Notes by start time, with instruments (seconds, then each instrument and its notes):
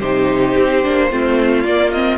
0.00 cello C3, viola D#4, violin G4 C5
0.58 cello C4
0.83 cello A#3, viola D4
1.11 cello A3, viola C4, violin F4
1.64 cello A#3, viola A#3, violin D5
1.92 viola C4, violin D#5